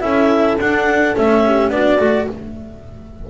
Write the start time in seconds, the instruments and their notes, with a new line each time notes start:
0.00 double bass C#4, cello E4, horn A4, clarinet E5
0.58 double bass D4, cello D4, clarinet F#5
1.16 double bass A3, cello C#4, clarinet E5
1.45 horn G4
1.69 double bass B3, cello D4, horn F#4, clarinet D5
1.99 double bass A3, cello F#4